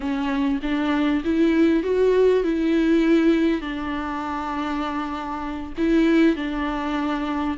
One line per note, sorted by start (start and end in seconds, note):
0.00 0.60 C#4
0.62 1.23 D4
1.24 1.83 E4
1.83 2.43 F#4
2.43 3.61 E4
3.61 5.73 D4
5.77 6.36 E4
6.36 7.57 D4